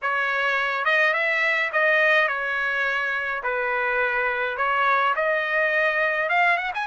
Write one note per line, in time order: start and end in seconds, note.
0.02 0.84 C#5
0.84 1.13 D#5
1.13 1.70 E5
1.72 2.28 D#5
2.28 3.42 C#5
3.43 4.57 B4
4.57 5.14 C#5
5.15 6.29 D#5
6.29 6.57 F5
6.57 6.71 F#5
6.74 6.87 G#5